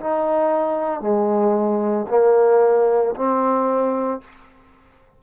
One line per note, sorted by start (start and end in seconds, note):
0.00 1.01 D#4
1.01 2.06 G#3
2.10 3.15 A#3
3.16 4.21 C4